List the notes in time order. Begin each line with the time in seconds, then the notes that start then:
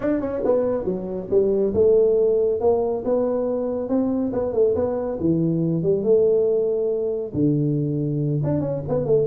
0.00 D4
0.20 C#4
0.45 B3
0.84 F#3
1.30 G3
1.74 A3
2.60 A#3
3.04 B3
3.88 C4
4.33 B3
4.52 A3
4.75 B3
5.20 E3
5.82 G3
6.03 A3
7.33 D3
8.43 D4
8.60 C#4
8.88 B3
9.05 A3